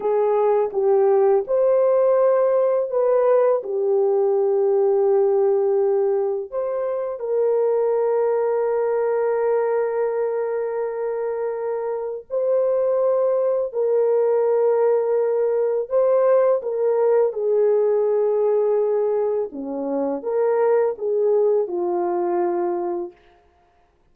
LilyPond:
\new Staff \with { instrumentName = "horn" } { \time 4/4 \tempo 4 = 83 gis'4 g'4 c''2 | b'4 g'2.~ | g'4 c''4 ais'2~ | ais'1~ |
ais'4 c''2 ais'4~ | ais'2 c''4 ais'4 | gis'2. cis'4 | ais'4 gis'4 f'2 | }